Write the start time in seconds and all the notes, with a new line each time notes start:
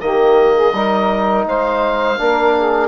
0.00 D#3 A#3 G4 D#5
0.55 G#4
0.73 G3 D#4 A#4
1.45 G#3 C5 F5
2.17 A#3 D4 A#4
2.57 G#4